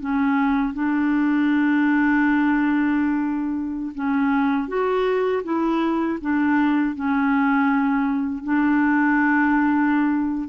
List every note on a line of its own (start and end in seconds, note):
0.00 0.74 C#4
0.74 3.92 D4
3.95 4.68 C#4
4.68 5.43 F#4
5.44 6.19 E4
6.21 6.95 D4
6.95 8.44 C#4
8.44 10.48 D4